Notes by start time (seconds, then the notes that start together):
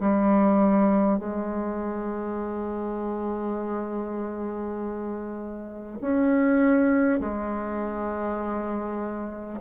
0.00 G3
1.19 G#3
6.01 C#4
7.20 G#3